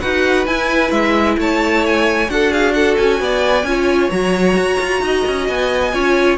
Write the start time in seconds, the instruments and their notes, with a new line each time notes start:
0.00 cello D#4, viola F#4, violin B4 F#5
0.46 cello E4, viola E4, violin G#5
0.91 cello G#3, violin E5
1.37 cello A3, violin C#5 A5
1.86 violin G#5
2.27 cello D4, viola F#4, violin A4 F#5
2.51 violin G#4 F5
2.73 violin A4 F#5
2.97 cello C#4, violin G#5
3.20 cello B3, violin D5
3.63 cello C#4, viola F4, violin C#5
4.10 cello F#3, viola F#4, violin A#5
4.56 cello F#4
4.80 cello F4
5.01 cello D#4, violin D#5
5.27 cello C#4
5.47 cello B3, violin G#5
5.93 cello C#4, viola F4, violin C#5